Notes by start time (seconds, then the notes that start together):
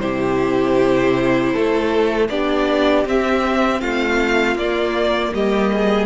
0.00 C3 E4 G4 C5
1.53 A3 A4
2.29 B3 D4 G4 D5
3.06 C4 E5
3.81 A3 F4 F5
4.56 A#3 D5
4.62 A#3
5.34 G3 G4 D#5
5.73 G#4